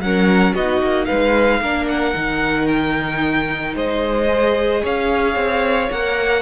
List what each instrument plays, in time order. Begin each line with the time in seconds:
0.00 cello F#3, viola C#4, violin A#4 F#5
0.55 cello B3, viola D#4, violin F#4 D#5
0.82 cello A#3
1.05 cello G#3, violin B4 F5
1.61 cello A#3, viola D4, violin A#4
1.88 violin F#5
2.15 cello D#3, viola D#4
2.67 violin G5
3.75 cello G#3, violin C5 D#5
4.27 viola G#4
4.82 cello C#4, violin C#5 F5
5.36 cello C4
5.91 cello A#3, viola A#4, violin F#5